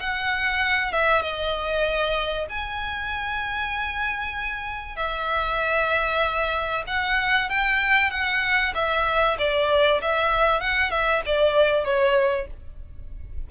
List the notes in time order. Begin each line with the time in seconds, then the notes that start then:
0.00 F#5
0.93 E5
1.22 D#5
2.50 G#5
4.97 E5
6.87 F#5
7.50 G5
8.11 F#5
8.75 E5
9.39 D5
10.01 E5
10.61 F#5
10.91 E5
11.26 D5
11.85 C#5